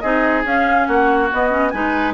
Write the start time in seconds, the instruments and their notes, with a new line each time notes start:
0.00 bassoon C4, clarinet D#4, oboe G#4, flute D#5
0.44 bassoon C#4, clarinet C#4, flute F5
0.86 bassoon A#3, oboe F#4, flute F#5
1.31 clarinet B3, bassoon B3, flute D#5
1.50 clarinet C#4
1.70 bassoon G#3, clarinet D#4, oboe B4, flute G#5